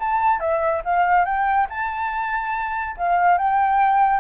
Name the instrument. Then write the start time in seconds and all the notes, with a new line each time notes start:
flute
0.00 A5
0.40 E5
0.85 F5
1.25 G5
1.70 A5
2.98 F5
3.38 G5